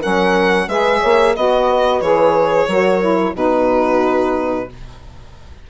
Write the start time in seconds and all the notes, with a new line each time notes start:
0.00 F#3 C#4 A#4 F#5
0.67 G#3 G#4 B4 E5
1.00 A#3 C#5
1.35 B3 F#4 D#5
1.69 B4
2.00 E3 G#4 C#5
2.67 F#3 F#4 A#4
3.00 E4
3.34 B2 D#4 F#4 B4